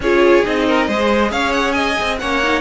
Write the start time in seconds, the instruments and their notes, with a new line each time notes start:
0.00 cello C#4, viola F4, violin G#4 C#5
0.44 cello C4, viola D#4, violin D#5
0.66 violin A#4
0.87 cello G#3, viola G#4, violin C5
1.30 cello C#4, violin C#5 F5
1.52 violin F#5
1.72 violin D#5 G#5
2.00 cello C4
2.19 cello A#3, viola C#4, violin C#5 F#5
2.42 viola D#4